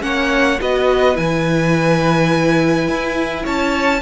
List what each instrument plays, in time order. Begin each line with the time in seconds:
0.00 cello A#3, viola C#4, violin C#5 F#5
0.60 cello B3, viola F#4, violin B4 D#5
1.15 cello E3, viola E4, violin G#5
2.88 cello E4
3.43 cello C#4, violin C#5 A5